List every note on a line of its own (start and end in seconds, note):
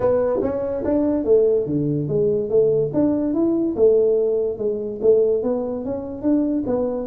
0.00 0.40 B3
0.42 0.83 C#4
0.84 1.24 D4
1.24 1.66 A3
1.66 2.07 D3
2.08 2.49 G#3
2.49 2.91 A3
2.93 3.33 D4
3.33 3.75 E4
3.76 4.58 A3
4.58 4.99 G#3
5.01 5.43 A3
5.43 5.84 B3
5.84 6.22 C#4
6.22 6.63 D4
6.66 7.07 B3